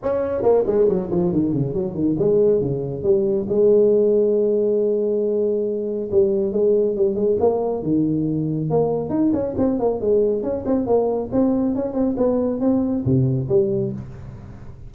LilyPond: \new Staff \with { instrumentName = "tuba" } { \time 4/4 \tempo 4 = 138 cis'4 ais8 gis8 fis8 f8 dis8 cis8 | fis8 dis8 gis4 cis4 g4 | gis1~ | gis2 g4 gis4 |
g8 gis8 ais4 dis2 | ais4 dis'8 cis'8 c'8 ais8 gis4 | cis'8 c'8 ais4 c'4 cis'8 c'8 | b4 c'4 c4 g4 | }